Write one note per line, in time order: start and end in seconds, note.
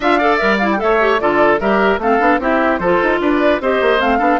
0.00 0.40 D4
0.00 0.20 F4
0.00 0.18 E5
0.00 0.37 F5
0.18 0.39 A4
0.18 0.78 D5
0.37 0.82 G3
0.37 0.59 A#4
0.37 0.57 E5
0.58 0.77 E4
0.58 0.68 F5
0.72 0.97 A4
0.72 0.80 G5
0.80 1.20 A3
0.80 1.21 C#5
0.80 1.20 E5
0.99 1.19 G4
1.20 1.60 D3
1.20 1.60 F4
1.20 1.60 A4
1.20 1.60 D5
1.60 1.98 G3
1.60 2.00 G4
1.60 2.00 A#4
1.60 2.00 E5
1.98 2.18 A3
1.98 2.19 C4
1.98 2.40 A4
1.98 2.41 F5
2.19 2.39 B3
2.19 2.39 D4
2.39 2.79 C4
2.39 2.80 E4
2.39 2.80 G4
2.39 2.78 E5
2.78 2.99 F3
2.78 3.61 F4
2.78 3.20 A4
2.78 3.18 C5
3.03 3.20 D#4
3.20 3.60 D4
3.20 3.61 B4
3.20 3.61 D5
3.60 3.80 C4
3.60 3.98 G4
3.60 4.18 C5
3.60 4.00 D#5
3.81 4.00 A#3
3.98 4.19 A3
3.98 4.18 C4
3.98 4.39 F5
4.18 4.39 B3
4.18 4.39 D4
4.18 4.38 A4